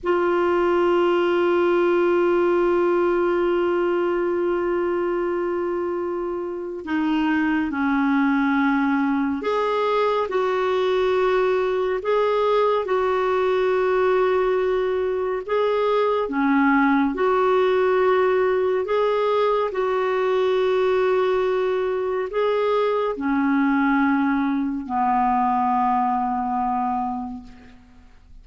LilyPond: \new Staff \with { instrumentName = "clarinet" } { \time 4/4 \tempo 4 = 70 f'1~ | f'1 | dis'4 cis'2 gis'4 | fis'2 gis'4 fis'4~ |
fis'2 gis'4 cis'4 | fis'2 gis'4 fis'4~ | fis'2 gis'4 cis'4~ | cis'4 b2. | }